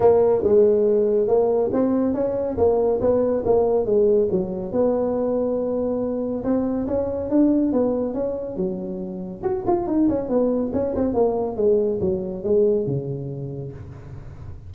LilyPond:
\new Staff \with { instrumentName = "tuba" } { \time 4/4 \tempo 4 = 140 ais4 gis2 ais4 | c'4 cis'4 ais4 b4 | ais4 gis4 fis4 b4~ | b2. c'4 |
cis'4 d'4 b4 cis'4 | fis2 fis'8 f'8 dis'8 cis'8 | b4 cis'8 c'8 ais4 gis4 | fis4 gis4 cis2 | }